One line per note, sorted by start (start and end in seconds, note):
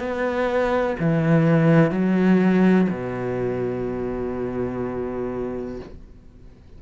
0.00 0.97 B3
1.00 1.91 E3
1.91 2.88 F#3
2.90 5.81 B2